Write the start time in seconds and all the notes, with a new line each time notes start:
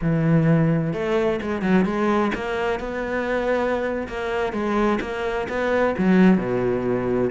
0.01 E3
0.93 A3
1.41 G#3
1.62 F#3
1.85 G#3
2.34 A#3
2.79 B3
4.08 A#3
4.52 G#3
5.01 A#3
5.48 B3
5.97 F#3
6.37 B2